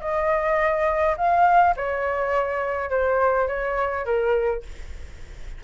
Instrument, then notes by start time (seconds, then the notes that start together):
flute
0.00 D#5
1.17 F5
1.76 C#5
2.90 C5
3.47 C#5
4.05 A#4